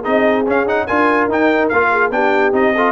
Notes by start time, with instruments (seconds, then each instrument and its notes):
0.00 tuba C4, trombone D#4, horn G#4, trumpet D#5
0.47 trombone C#4, tuba C#4, trumpet F5
0.67 trombone D#4, trumpet F#5
0.87 tuba D4, trombone F4, horn A#4, trumpet G#5
1.28 tuba D#4, trombone D#4, trumpet G5
1.69 tuba A#3, trombone F4, trumpet F5
1.91 horn G#4
2.11 tuba B3, trombone D4, horn G4, trumpet G5
2.52 tuba C4, trombone D#4, trumpet D#5
2.76 trombone F4, horn A4